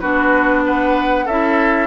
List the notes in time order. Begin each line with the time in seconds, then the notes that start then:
0.00 B3 D4 F#4 B4
0.66 B4 F#5
1.25 C#4 E4 A4 E5